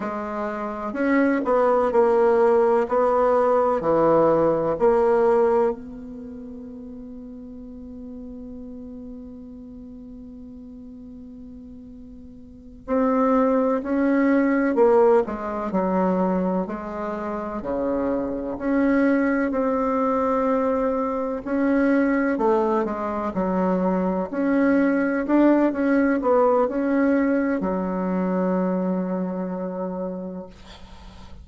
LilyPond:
\new Staff \with { instrumentName = "bassoon" } { \time 4/4 \tempo 4 = 63 gis4 cis'8 b8 ais4 b4 | e4 ais4 b2~ | b1~ | b4. c'4 cis'4 ais8 |
gis8 fis4 gis4 cis4 cis'8~ | cis'8 c'2 cis'4 a8 | gis8 fis4 cis'4 d'8 cis'8 b8 | cis'4 fis2. | }